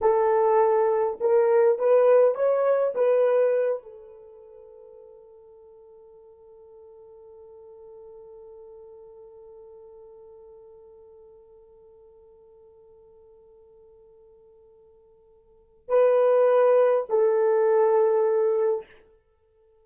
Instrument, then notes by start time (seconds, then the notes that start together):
horn
0.01 A4
1.20 A#4
1.78 B4
2.34 C#5
2.94 B4
3.82 A4
15.88 B4
17.09 A4